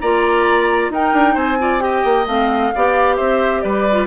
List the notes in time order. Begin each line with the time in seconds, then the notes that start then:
0.00 A#3 F4 D5 A#5
0.89 D#4 A#4 G5
1.13 D4
1.34 C4 C5 G#5
1.59 F4 D5
1.80 G4 D#5 G5
2.04 A#3
2.26 A3 C4 F5
2.75 B3 G4 D5
3.16 C4 C5 E5
3.61 G3 B4 D5
3.91 F4